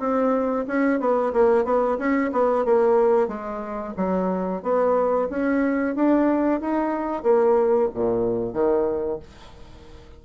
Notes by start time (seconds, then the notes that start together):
0.00 C4
0.68 C#4
1.00 B3
1.34 A#3
1.65 B3
1.98 C#4
2.33 B3
2.66 A#3
3.28 G#3
3.97 F#3
4.63 B3
5.30 C#4
5.96 D4
6.61 D#4
7.23 A#3
7.94 A#2
8.54 D#3